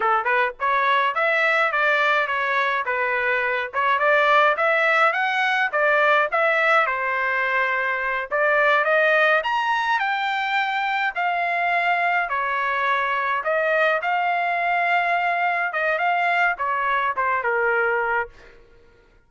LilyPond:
\new Staff \with { instrumentName = "trumpet" } { \time 4/4 \tempo 4 = 105 a'8 b'8 cis''4 e''4 d''4 | cis''4 b'4. cis''8 d''4 | e''4 fis''4 d''4 e''4 | c''2~ c''8 d''4 dis''8~ |
dis''8 ais''4 g''2 f''8~ | f''4. cis''2 dis''8~ | dis''8 f''2. dis''8 | f''4 cis''4 c''8 ais'4. | }